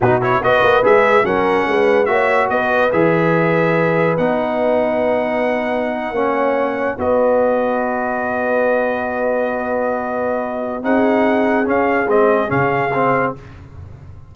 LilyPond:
<<
  \new Staff \with { instrumentName = "trumpet" } { \time 4/4 \tempo 4 = 144 b'8 cis''8 dis''4 e''4 fis''4~ | fis''4 e''4 dis''4 e''4~ | e''2 fis''2~ | fis''1~ |
fis''8. dis''2.~ dis''16~ | dis''1~ | dis''2 fis''2 | f''4 dis''4 f''2 | }
  \new Staff \with { instrumentName = "horn" } { \time 4/4 fis'4 b'2 ais'4 | b'4 cis''4 b'2~ | b'1~ | b'2~ b'8. cis''4~ cis''16~ |
cis''8. b'2.~ b'16~ | b'1~ | b'2 gis'2~ | gis'1 | }
  \new Staff \with { instrumentName = "trombone" } { \time 4/4 dis'8 e'8 fis'4 gis'4 cis'4~ | cis'4 fis'2 gis'4~ | gis'2 dis'2~ | dis'2~ dis'8. cis'4~ cis'16~ |
cis'8. fis'2.~ fis'16~ | fis'1~ | fis'2 dis'2 | cis'4 c'4 cis'4 c'4 | }
  \new Staff \with { instrumentName = "tuba" } { \time 4/4 b,4 b8 ais8 gis4 fis4 | gis4 ais4 b4 e4~ | e2 b2~ | b2~ b8. ais4~ ais16~ |
ais8. b2.~ b16~ | b1~ | b2 c'2 | cis'4 gis4 cis2 | }
>>